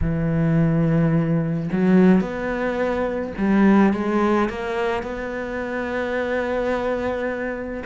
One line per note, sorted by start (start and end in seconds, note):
0.01 1.69 E3
1.72 2.20 F#3
2.20 3.32 B3
3.37 3.93 G3
3.93 4.49 G#3
4.49 5.03 A#3
5.03 7.83 B3